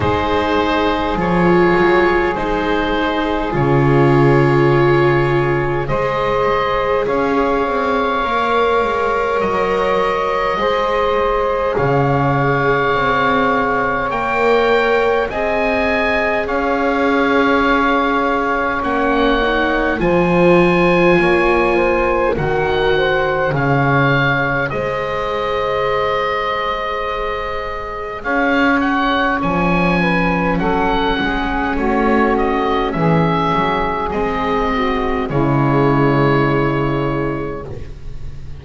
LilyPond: <<
  \new Staff \with { instrumentName = "oboe" } { \time 4/4 \tempo 4 = 51 c''4 cis''4 c''4 cis''4~ | cis''4 dis''4 f''2 | dis''2 f''2 | g''4 gis''4 f''2 |
fis''4 gis''2 fis''4 | f''4 dis''2. | f''8 fis''8 gis''4 fis''4 cis''8 dis''8 | e''4 dis''4 cis''2 | }
  \new Staff \with { instrumentName = "saxophone" } { \time 4/4 gis'1~ | gis'4 c''4 cis''2~ | cis''4 c''4 cis''2~ | cis''4 dis''4 cis''2~ |
cis''4 c''4 cis''8 c''8 ais'8 c''8 | cis''4 c''2. | cis''4. b'8 a'8 gis'8 fis'4 | gis'4. fis'8 e'2 | }
  \new Staff \with { instrumentName = "viola" } { \time 4/4 dis'4 f'4 dis'4 f'4~ | f'4 gis'2 ais'4~ | ais'4 gis'2. | ais'4 gis'2. |
cis'8 dis'8 f'2 fis'4 | gis'1~ | gis'4 cis'2.~ | cis'4 c'4 gis2 | }
  \new Staff \with { instrumentName = "double bass" } { \time 4/4 gis4 f8 fis8 gis4 cis4~ | cis4 gis4 cis'8 c'8 ais8 gis8 | fis4 gis4 cis4 c'4 | ais4 c'4 cis'2 |
ais4 f4 ais4 dis4 | cis4 gis2. | cis'4 f4 fis8 gis8 a4 | e8 fis8 gis4 cis2 | }
>>